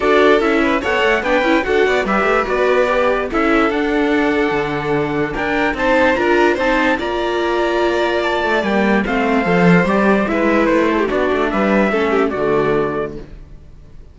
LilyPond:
<<
  \new Staff \with { instrumentName = "trumpet" } { \time 4/4 \tempo 4 = 146 d''4 e''4 fis''4 g''4 | fis''4 e''4 d''2 | e''4 fis''2.~ | fis''4 g''4 a''4 ais''4 |
a''4 ais''2. | a''4 g''4 f''2 | d''4 e''4 c''4 d''4 | e''2 d''2 | }
  \new Staff \with { instrumentName = "violin" } { \time 4/4 a'4. b'8 cis''4 b'4 | a'8 d''8 b'2. | a'1~ | a'4 ais'4 c''4 ais'4 |
c''4 d''2.~ | d''2 c''2~ | c''4 b'4. a'16 g'16 fis'4 | b'4 a'8 g'8 fis'2 | }
  \new Staff \with { instrumentName = "viola" } { \time 4/4 fis'4 e'4 a'4 d'8 e'8 | fis'4 g'4 fis'4 g'4 | e'4 d'2.~ | d'2 dis'4 f'4 |
dis'4 f'2.~ | f'4 ais4 c'4 a'4 | g'4 e'2 d'4~ | d'4 cis'4 a2 | }
  \new Staff \with { instrumentName = "cello" } { \time 4/4 d'4 cis'4 b8 a8 b8 cis'8 | d'8 b8 g8 a8 b2 | cis'4 d'2 d4~ | d4 d'4 c'4 d'4 |
c'4 ais2.~ | ais8 a8 g4 a4 f4 | g4 gis4 a4 b8 a8 | g4 a4 d2 | }
>>